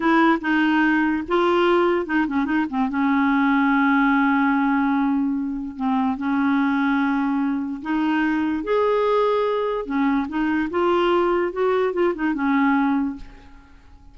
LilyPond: \new Staff \with { instrumentName = "clarinet" } { \time 4/4 \tempo 4 = 146 e'4 dis'2 f'4~ | f'4 dis'8 cis'8 dis'8 c'8 cis'4~ | cis'1~ | cis'2 c'4 cis'4~ |
cis'2. dis'4~ | dis'4 gis'2. | cis'4 dis'4 f'2 | fis'4 f'8 dis'8 cis'2 | }